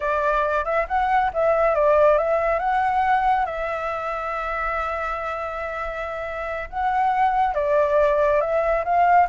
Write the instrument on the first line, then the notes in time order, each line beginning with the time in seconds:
flute
0.00 D5
0.65 E5
0.88 F#5
1.33 E5
1.75 D5
2.18 E5
2.59 F#5
3.45 E5
6.69 F#5
7.54 D5
8.40 E5
8.84 F5